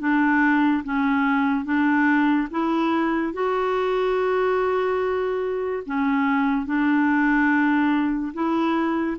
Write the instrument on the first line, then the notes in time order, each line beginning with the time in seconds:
clarinet
0.00 D4
0.84 C#4
1.65 D4
2.51 E4
3.34 F#4
5.86 C#4
6.66 D4
8.34 E4